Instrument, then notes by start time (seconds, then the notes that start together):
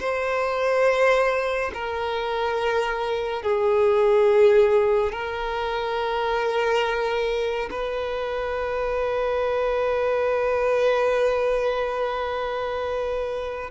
violin
0.00 C5
1.74 A#4
3.43 G#4
5.13 A#4
7.71 B4